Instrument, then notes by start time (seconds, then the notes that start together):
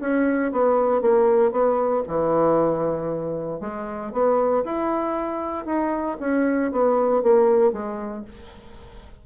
bassoon
0.00 C#4
0.52 B3
1.01 A#3
1.51 B3
2.07 E3
3.60 G#3
4.12 B3
4.64 E4
5.65 D#4
6.20 C#4
6.71 B3
7.22 A#3
7.72 G#3